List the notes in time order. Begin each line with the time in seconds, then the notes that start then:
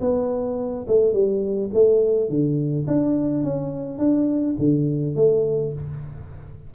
0.00 B3
0.87 A3
1.13 G3
1.74 A3
2.29 D3
2.87 D4
3.43 C#4
3.98 D4
4.58 D3
5.16 A3